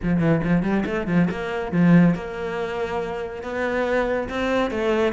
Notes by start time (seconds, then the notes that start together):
0.02 F3
0.19 E3
0.43 F3
0.62 G3
0.85 A3
1.07 F3
1.30 A#3
1.71 F3
2.14 A#3
3.43 B3
4.29 C4
4.70 A3